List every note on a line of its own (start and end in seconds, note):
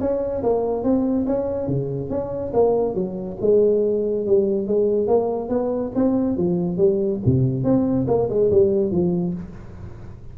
0.00 0.43 C#4
0.43 0.83 A#3
0.83 1.26 C4
1.26 1.67 C#4
1.67 2.10 C#3
2.10 2.52 C#4
2.53 2.95 A#3
2.95 3.37 F#3
3.41 4.26 G#3
4.26 4.68 G3
4.68 5.07 G#3
5.07 5.49 A#3
5.49 5.92 B3
5.95 6.37 C4
6.37 6.77 F3
6.77 7.20 G3
7.25 7.64 C3
7.64 8.06 C4
8.07 8.29 A#3
8.29 8.51 G#3
8.51 8.91 G3
8.91 9.34 F3